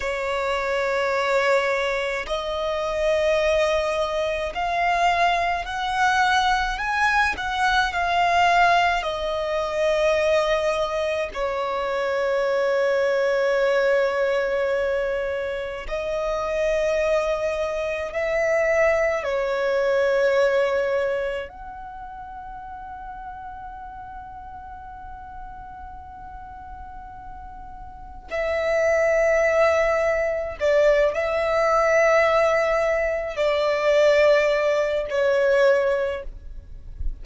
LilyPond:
\new Staff \with { instrumentName = "violin" } { \time 4/4 \tempo 4 = 53 cis''2 dis''2 | f''4 fis''4 gis''8 fis''8 f''4 | dis''2 cis''2~ | cis''2 dis''2 |
e''4 cis''2 fis''4~ | fis''1~ | fis''4 e''2 d''8 e''8~ | e''4. d''4. cis''4 | }